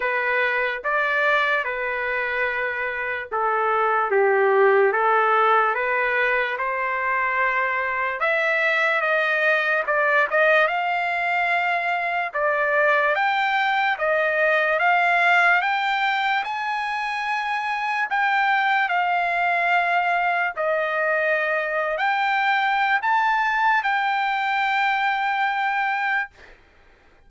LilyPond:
\new Staff \with { instrumentName = "trumpet" } { \time 4/4 \tempo 4 = 73 b'4 d''4 b'2 | a'4 g'4 a'4 b'4 | c''2 e''4 dis''4 | d''8 dis''8 f''2 d''4 |
g''4 dis''4 f''4 g''4 | gis''2 g''4 f''4~ | f''4 dis''4.~ dis''16 g''4~ g''16 | a''4 g''2. | }